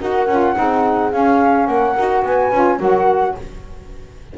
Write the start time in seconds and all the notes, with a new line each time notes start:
0.00 D#4 F#4 A#4 F#5
0.27 C#4 F4
0.55 C4 D#4 G#4
1.12 C#4 F5
1.67 A#3 A#4 F#5
1.96 D#4 F#4
2.23 B3 B4 G#5
2.51 C#4 F4
2.79 F#3 F#4 A#4 F#5